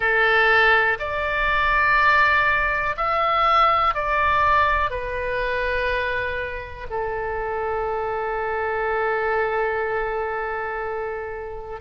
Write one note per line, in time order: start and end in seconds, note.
0.00 0.98 A4
0.99 2.96 D5
2.96 3.94 E5
3.94 4.90 D5
4.90 6.87 B4
6.89 11.80 A4